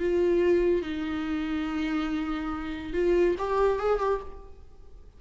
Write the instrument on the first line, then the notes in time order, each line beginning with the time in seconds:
viola
0.00 F4
0.82 D#4
2.94 F4
3.39 G4
3.79 G#4
3.99 G4